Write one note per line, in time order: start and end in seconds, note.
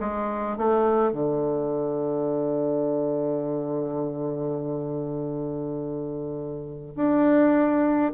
0.00 0.57 G#3
0.57 1.12 A3
1.12 6.95 D3
6.96 8.12 D4